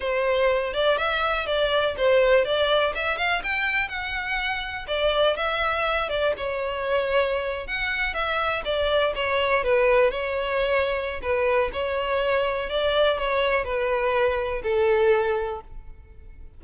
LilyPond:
\new Staff \with { instrumentName = "violin" } { \time 4/4 \tempo 4 = 123 c''4. d''8 e''4 d''4 | c''4 d''4 e''8 f''8 g''4 | fis''2 d''4 e''4~ | e''8 d''8 cis''2~ cis''8. fis''16~ |
fis''8. e''4 d''4 cis''4 b'16~ | b'8. cis''2~ cis''16 b'4 | cis''2 d''4 cis''4 | b'2 a'2 | }